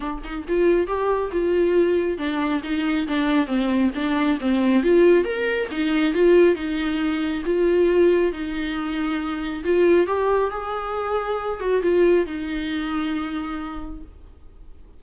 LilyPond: \new Staff \with { instrumentName = "viola" } { \time 4/4 \tempo 4 = 137 d'8 dis'8 f'4 g'4 f'4~ | f'4 d'4 dis'4 d'4 | c'4 d'4 c'4 f'4 | ais'4 dis'4 f'4 dis'4~ |
dis'4 f'2 dis'4~ | dis'2 f'4 g'4 | gis'2~ gis'8 fis'8 f'4 | dis'1 | }